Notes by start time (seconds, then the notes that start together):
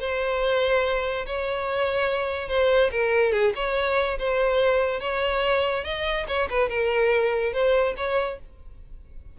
0.00 C5
1.26 C#5
2.49 C5
2.92 A#4
3.32 G#4
3.56 C#5
4.19 C5
5.00 C#5
5.85 D#5
6.28 C#5
6.50 B4
6.69 A#4
7.53 C5
7.97 C#5